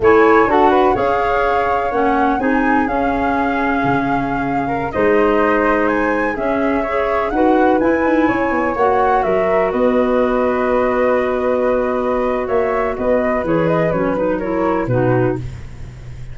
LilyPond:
<<
  \new Staff \with { instrumentName = "flute" } { \time 4/4 \tempo 4 = 125 gis''4 fis''4 f''2 | fis''4 gis''4 f''2~ | f''2~ f''16 dis''4.~ dis''16~ | dis''16 gis''4 e''2 fis''8.~ |
fis''16 gis''2 fis''4 e''8.~ | e''16 dis''2.~ dis''8.~ | dis''2 e''4 dis''4 | cis''8 dis''8 cis''8 b'8 cis''4 b'4 | }
  \new Staff \with { instrumentName = "flute" } { \time 4/4 cis''4 a'8 b'8 cis''2~ | cis''4 gis'2.~ | gis'4.~ gis'16 ais'8 c''4.~ c''16~ | c''4~ c''16 gis'4 cis''4 b'8.~ |
b'4~ b'16 cis''2 ais'8.~ | ais'16 b'2.~ b'8.~ | b'2 cis''4 b'4~ | b'2 ais'4 fis'4 | }
  \new Staff \with { instrumentName = "clarinet" } { \time 4/4 e'4 fis'4 gis'2 | cis'4 dis'4 cis'2~ | cis'2~ cis'16 dis'4.~ dis'16~ | dis'4~ dis'16 cis'4 gis'4 fis'8.~ |
fis'16 e'2 fis'4.~ fis'16~ | fis'1~ | fis'1 | gis'4 cis'8 dis'8 e'4 dis'4 | }
  \new Staff \with { instrumentName = "tuba" } { \time 4/4 a4 d'4 cis'2 | ais4 c'4 cis'2 | cis2~ cis16 gis4.~ gis16~ | gis4~ gis16 cis'2 dis'8.~ |
dis'16 e'8 dis'8 cis'8 b8 ais4 fis8.~ | fis16 b2.~ b8.~ | b2 ais4 b4 | e4 fis2 b,4 | }
>>